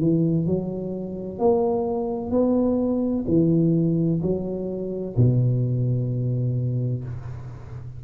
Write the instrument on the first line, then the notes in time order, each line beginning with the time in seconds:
tuba
0.00 E3
0.46 F#3
1.39 A#3
2.31 B3
3.27 E3
4.22 F#3
5.16 B2